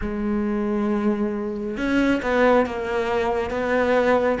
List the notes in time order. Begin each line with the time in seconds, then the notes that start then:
0.01 G#3
1.76 C#4
2.22 B3
2.66 A#3
3.50 B3